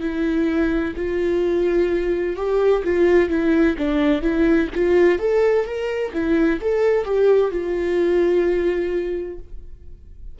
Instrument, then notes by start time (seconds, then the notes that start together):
viola
0.00 E4
0.96 F4
2.36 G4
2.84 F4
3.29 E4
3.78 D4
4.21 E4
4.74 F4
5.19 A4
5.65 A#4
6.13 E4
6.61 A4
7.04 G4
7.51 F4